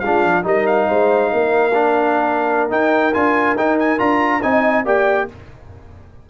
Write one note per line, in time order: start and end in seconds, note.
0.00 0.24 G#3
0.00 0.43 D4
0.00 0.45 F4
0.00 0.43 F5
0.24 0.45 F3
0.43 0.88 G3
0.43 1.72 D#4
0.43 0.88 A#4
0.43 0.67 D#5
0.67 2.70 F5
0.88 1.33 G#3
0.88 1.31 C5
1.32 2.71 A#3
1.32 4.43 A#4
1.74 2.70 D4
2.70 3.13 D#4
2.70 3.14 D#4
2.70 3.14 G5
3.14 3.55 D4
3.14 3.57 F4
3.14 3.57 G#5
3.55 3.98 D#4
3.55 3.79 G5
3.79 3.99 G#5
3.98 4.43 D4
3.98 4.41 F4
3.98 4.42 A#5
4.42 4.86 C4
4.42 4.86 D#4
4.42 4.85 D#5
4.42 4.85 G#5
4.85 5.28 A#3
4.85 5.28 G4
4.85 5.28 D5
4.85 5.30 G5